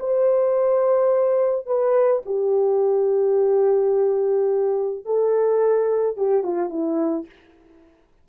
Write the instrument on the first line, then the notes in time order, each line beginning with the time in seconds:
horn
0.00 C5
1.67 B4
2.26 G4
5.06 A4
6.17 G4
6.44 F4
6.70 E4